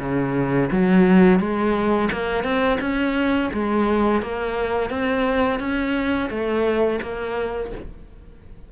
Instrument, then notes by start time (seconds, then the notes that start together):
cello
0.00 C#3
0.71 F#3
1.40 G#3
2.12 A#3
2.44 C4
2.81 C#4
3.53 G#3
4.22 A#3
4.90 C4
5.60 C#4
6.30 A3
7.02 A#3